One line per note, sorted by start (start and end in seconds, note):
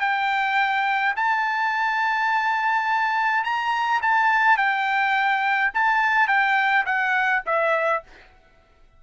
0.00 1.14 G5
1.16 3.44 A5
3.44 4.01 A#5
4.02 4.57 A5
4.57 5.71 G5
5.74 6.27 A5
6.27 6.84 G5
6.85 7.43 F#5
7.46 8.03 E5